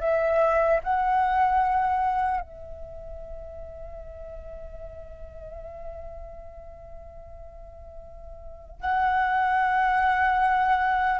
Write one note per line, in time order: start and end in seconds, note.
0.00 0.80 E5
0.83 2.41 F#5
2.41 8.81 E5
8.81 11.20 F#5